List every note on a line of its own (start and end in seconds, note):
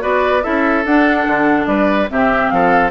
0.00 0.44 B3
0.00 0.41 F#4
0.00 0.43 B4
0.00 0.43 D5
0.42 0.85 C#4
0.42 0.84 E4
0.42 1.67 A4
0.42 0.84 E5
0.85 1.26 D4
0.85 2.08 D4
0.85 1.66 F#5
1.27 1.66 D3
1.66 2.08 G3
1.66 2.09 B4
1.66 2.07 D5
2.08 2.51 C3
2.08 2.91 C4
2.08 2.53 G4
2.08 2.49 E5
2.49 2.91 F3
2.49 2.91 A4
2.49 2.90 F5